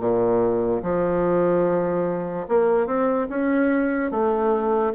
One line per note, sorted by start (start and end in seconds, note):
0.00 0.82 A#2
0.83 2.47 F3
2.48 2.87 A#3
2.87 3.28 C4
3.30 4.11 C#4
4.11 4.93 A3